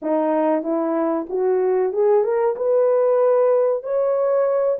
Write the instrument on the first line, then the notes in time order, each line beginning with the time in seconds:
horn
0.02 D#4
0.62 E4
1.29 F#4
1.92 G#4
2.23 A#4
2.55 B4
3.83 C#5